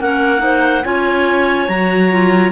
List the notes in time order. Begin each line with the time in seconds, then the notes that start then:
0.00 A#3 C#4 A#4 F#5
0.38 D#4 C5
0.84 C#4 F4 C#5 G#5
1.68 F#3 F#4 A#5
2.11 F4